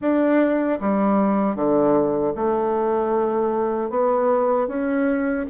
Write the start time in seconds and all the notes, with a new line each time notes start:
0.01 D4
0.80 G3
1.55 D3
2.35 A3
3.90 B3
4.68 C#4